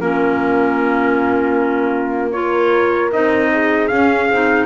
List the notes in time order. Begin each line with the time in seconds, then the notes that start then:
0.00 A#3 C#4 F4 A#4
2.31 F4 A#4 C#5
3.12 C4 D#4 D#5
3.52 G#4
3.87 C#4 F5
4.30 C4 D#4